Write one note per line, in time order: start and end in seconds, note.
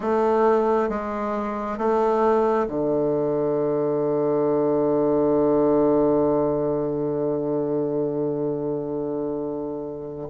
0.00 0.89 A3
0.89 1.77 G#3
1.77 2.67 A3
2.67 10.29 D3